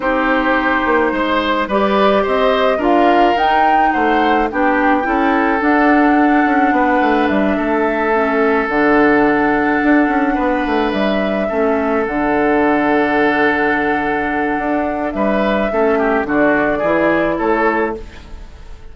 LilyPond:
<<
  \new Staff \with { instrumentName = "flute" } { \time 4/4 \tempo 4 = 107 c''2. d''4 | dis''4 f''4 g''4 fis''4 | g''2 fis''2~ | fis''4 e''2~ e''8 fis''8~ |
fis''2.~ fis''8 e''8~ | e''4. fis''2~ fis''8~ | fis''2. e''4~ | e''4 d''2 cis''4 | }
  \new Staff \with { instrumentName = "oboe" } { \time 4/4 g'2 c''4 b'4 | c''4 ais'2 c''4 | g'4 a'2. | b'4. a'2~ a'8~ |
a'2~ a'8 b'4.~ | b'8 a'2.~ a'8~ | a'2. b'4 | a'8 g'8 fis'4 gis'4 a'4 | }
  \new Staff \with { instrumentName = "clarinet" } { \time 4/4 dis'2. g'4~ | g'4 f'4 dis'2 | d'4 e'4 d'2~ | d'2~ d'8 cis'4 d'8~ |
d'1~ | d'8 cis'4 d'2~ d'8~ | d'1 | cis'4 d'4 e'2 | }
  \new Staff \with { instrumentName = "bassoon" } { \time 4/4 c'4. ais8 gis4 g4 | c'4 d'4 dis'4 a4 | b4 cis'4 d'4. cis'8 | b8 a8 g8 a2 d8~ |
d4. d'8 cis'8 b8 a8 g8~ | g8 a4 d2~ d8~ | d2 d'4 g4 | a4 d4 e4 a4 | }
>>